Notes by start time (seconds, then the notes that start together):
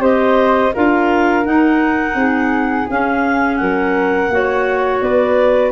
0.00 C4 G4 C5 D#5
0.74 D4 F4 A#4 F5
1.45 D#4 F#5
2.15 C4 G#4
2.90 C#4 F5
3.57 F#3 A#4 F#5
4.29 A#3 F#4 C#5
5.01 B3 B4 D5